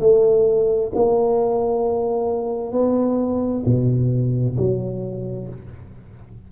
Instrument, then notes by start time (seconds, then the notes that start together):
tuba
0.00 A3
0.95 A#3
2.72 B3
3.65 B2
4.57 F#3